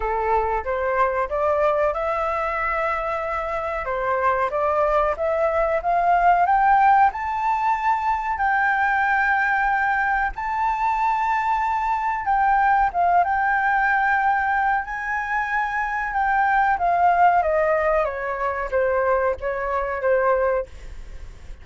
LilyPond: \new Staff \with { instrumentName = "flute" } { \time 4/4 \tempo 4 = 93 a'4 c''4 d''4 e''4~ | e''2 c''4 d''4 | e''4 f''4 g''4 a''4~ | a''4 g''2. |
a''2. g''4 | f''8 g''2~ g''8 gis''4~ | gis''4 g''4 f''4 dis''4 | cis''4 c''4 cis''4 c''4 | }